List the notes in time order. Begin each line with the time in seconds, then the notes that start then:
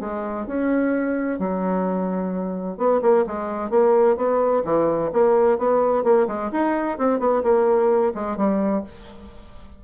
0.00 G#3
0.47 C#4
1.39 F#3
2.78 B3
3.02 A#3
3.26 G#3
3.70 A#3
4.16 B3
4.64 E3
5.13 A#3
5.58 B3
6.04 A#3
6.27 G#3
6.52 D#4
6.98 C4
7.19 B3
7.43 A#3
8.15 G#3
8.37 G3